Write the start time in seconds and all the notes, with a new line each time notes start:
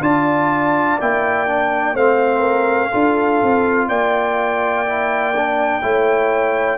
0.00 D4 F4 D5 A5
1.00 A#3 E4 G5
1.47 D4
1.94 A3 C4 C5 F5
2.39 A#4
2.91 D4 F4 A4
3.42 C4
3.87 A#3 D5 G5
4.86 E4
5.36 D4
5.82 A3 E4 C#5